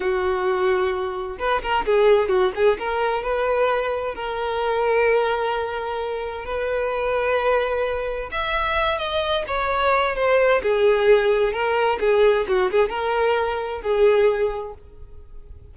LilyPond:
\new Staff \with { instrumentName = "violin" } { \time 4/4 \tempo 4 = 130 fis'2. b'8 ais'8 | gis'4 fis'8 gis'8 ais'4 b'4~ | b'4 ais'2.~ | ais'2 b'2~ |
b'2 e''4. dis''8~ | dis''8 cis''4. c''4 gis'4~ | gis'4 ais'4 gis'4 fis'8 gis'8 | ais'2 gis'2 | }